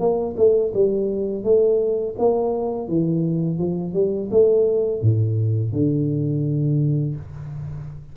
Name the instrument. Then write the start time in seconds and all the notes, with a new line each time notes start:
tuba
0.00 A#3
0.37 A3
0.74 G3
1.44 A3
2.19 A#3
2.89 E3
3.59 F3
3.94 G3
4.31 A3
5.02 A2
5.73 D3